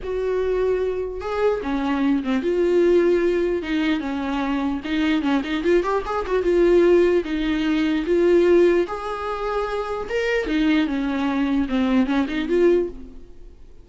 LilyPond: \new Staff \with { instrumentName = "viola" } { \time 4/4 \tempo 4 = 149 fis'2. gis'4 | cis'4. c'8 f'2~ | f'4 dis'4 cis'2 | dis'4 cis'8 dis'8 f'8 g'8 gis'8 fis'8 |
f'2 dis'2 | f'2 gis'2~ | gis'4 ais'4 dis'4 cis'4~ | cis'4 c'4 cis'8 dis'8 f'4 | }